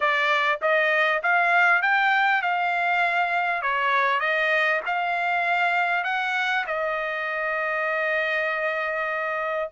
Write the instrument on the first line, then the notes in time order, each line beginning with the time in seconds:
trumpet
0.00 D5
0.61 D#5
1.23 F5
1.82 G5
2.42 F5
3.62 C#5
4.20 D#5
4.86 F5
6.04 F#5
6.66 D#5